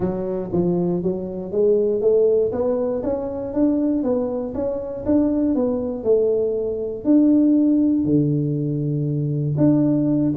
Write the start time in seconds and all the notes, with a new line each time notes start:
0.00 F#3
0.52 F3
1.02 F#3
1.51 G#3
2.01 A3
2.52 B3
3.03 C#4
3.53 D4
4.03 B3
4.54 C#4
5.05 D4
5.55 B3
6.03 A3
7.04 D4
8.04 D3
9.57 D4